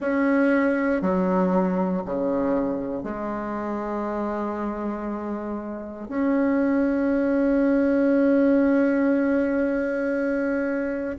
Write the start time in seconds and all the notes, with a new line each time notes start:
0.00 C#4
1.01 F#3
2.05 C#3
3.03 G#3
6.08 C#4